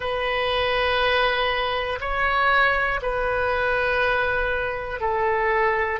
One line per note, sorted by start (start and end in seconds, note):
0.00 1.99 B4
2.00 3.00 C#5
3.02 5.00 B4
5.00 6.00 A4